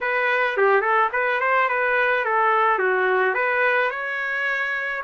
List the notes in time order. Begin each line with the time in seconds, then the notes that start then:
0.01 B4
0.57 G4
0.81 A4
1.12 B4
1.40 C5
1.68 B4
2.24 A4
2.78 F#4
3.34 B4
3.90 C#5